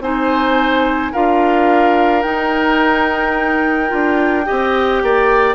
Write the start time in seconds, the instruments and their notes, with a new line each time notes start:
0.00 bassoon C4, clarinet D#4, oboe C5, flute G#5
1.12 bassoon D4, clarinet F4, oboe A#4, flute F5
2.22 clarinet D#4, bassoon D#4, flute G5
3.88 bassoon D4, clarinet F4
4.45 bassoon C4, clarinet G4, oboe D#5
5.03 bassoon A#3, oboe D5